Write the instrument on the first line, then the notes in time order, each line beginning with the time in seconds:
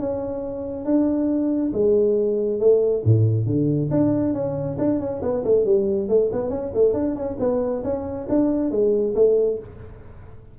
tuba
0.00 C#4
0.85 D4
1.74 G#3
2.60 A3
3.05 A2
3.46 D3
3.91 D4
4.34 C#4
4.79 D4
5.00 C#4
5.23 B3
5.44 A3
5.66 G3
6.09 A3
6.33 B3
6.50 C#4
6.75 A3
6.94 D4
7.16 C#4
7.40 B3
7.84 C#4
8.30 D4
8.71 G#3
9.16 A3